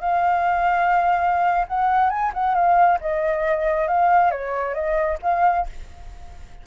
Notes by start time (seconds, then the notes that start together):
0.00 F5
1.68 F#5
2.10 G#5
2.33 F#5
2.54 F5
3.00 D#5
3.88 F5
4.31 C#5
4.74 D#5
5.22 F5